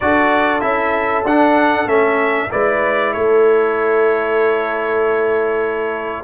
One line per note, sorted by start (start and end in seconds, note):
0.00 0.62 D4
0.00 0.60 F#4
0.00 2.50 A4
0.00 0.60 D5
0.60 1.24 C#4
0.60 1.23 E4
0.60 1.23 E5
1.24 1.85 D4
1.24 1.87 D4
1.24 1.88 F#5
1.85 2.48 A3
1.85 2.49 C#4
1.85 2.50 E5
2.50 3.15 G#3
2.50 6.23 E4
2.50 3.12 B4
2.50 3.13 D5
3.13 6.23 A3
3.13 6.23 A4
3.13 6.23 C#5